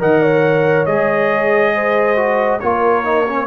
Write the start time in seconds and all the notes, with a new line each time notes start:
0.00 D#3 A#4 D#5 F#5
0.22 C#5
0.86 G#3 G#4 D#5
1.75 C5
2.16 F#4
2.60 A#3 F4 A#4 C#5
3.05 D#4
3.27 C#4